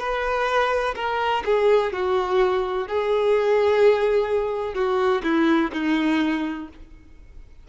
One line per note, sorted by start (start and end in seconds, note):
0.00 0.95 B4
0.96 1.44 A#4
1.45 1.93 G#4
1.93 2.88 F#4
2.88 4.75 G#4
4.75 5.23 F#4
5.24 5.71 E4
5.73 6.68 D#4